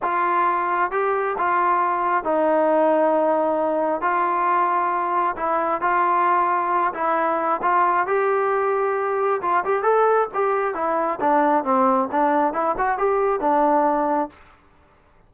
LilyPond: \new Staff \with { instrumentName = "trombone" } { \time 4/4 \tempo 4 = 134 f'2 g'4 f'4~ | f'4 dis'2.~ | dis'4 f'2. | e'4 f'2~ f'8 e'8~ |
e'4 f'4 g'2~ | g'4 f'8 g'8 a'4 g'4 | e'4 d'4 c'4 d'4 | e'8 fis'8 g'4 d'2 | }